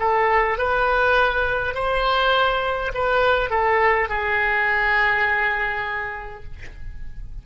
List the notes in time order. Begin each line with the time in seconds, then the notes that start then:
0.00 A4
0.58 B4
1.75 C5
2.94 B4
3.50 A4
4.09 G#4